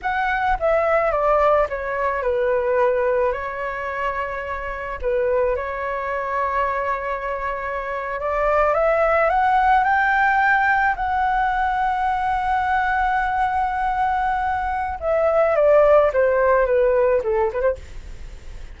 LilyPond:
\new Staff \with { instrumentName = "flute" } { \time 4/4 \tempo 4 = 108 fis''4 e''4 d''4 cis''4 | b'2 cis''2~ | cis''4 b'4 cis''2~ | cis''2~ cis''8. d''4 e''16~ |
e''8. fis''4 g''2 fis''16~ | fis''1~ | fis''2. e''4 | d''4 c''4 b'4 a'8 b'16 c''16 | }